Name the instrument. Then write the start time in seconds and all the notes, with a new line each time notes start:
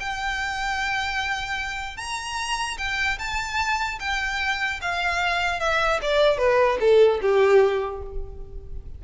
violin
0.00 G5
1.97 A#5
2.78 G5
3.19 A5
4.00 G5
4.82 F5
5.60 E5
6.02 D5
6.38 B4
6.80 A4
7.22 G4